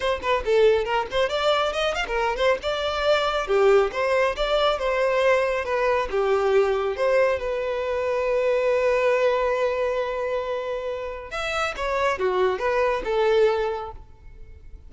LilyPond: \new Staff \with { instrumentName = "violin" } { \time 4/4 \tempo 4 = 138 c''8 b'8 a'4 ais'8 c''8 d''4 | dis''8 f''16 ais'8. c''8 d''2 | g'4 c''4 d''4 c''4~ | c''4 b'4 g'2 |
c''4 b'2.~ | b'1~ | b'2 e''4 cis''4 | fis'4 b'4 a'2 | }